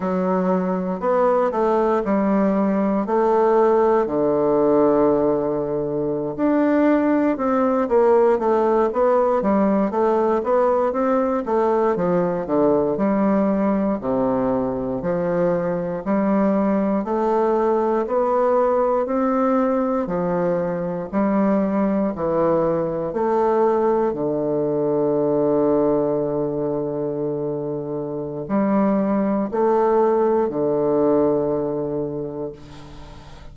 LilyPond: \new Staff \with { instrumentName = "bassoon" } { \time 4/4 \tempo 4 = 59 fis4 b8 a8 g4 a4 | d2~ d16 d'4 c'8 ais16~ | ais16 a8 b8 g8 a8 b8 c'8 a8 f16~ | f16 d8 g4 c4 f4 g16~ |
g8. a4 b4 c'4 f16~ | f8. g4 e4 a4 d16~ | d1 | g4 a4 d2 | }